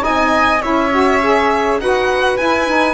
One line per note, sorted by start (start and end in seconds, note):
0.00 0.63 C4
0.00 0.59 D#4
0.00 0.62 D#5
0.00 0.62 G#5
0.62 1.78 C#4
0.62 0.92 E4
0.62 1.80 C#5
0.62 1.80 E5
0.92 1.22 F#4
1.23 1.81 G#4
1.78 2.37 D#4
1.78 2.39 F#4
1.78 2.94 B4
1.78 2.37 F#5
2.37 2.68 E4
2.37 2.94 E4
2.37 2.94 G#5
2.68 2.94 D#4